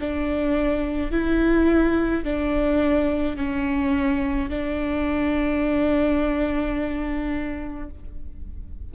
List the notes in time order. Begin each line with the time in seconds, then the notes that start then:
0.00 D4
1.11 E4
2.24 D4
3.36 C#4
4.50 D4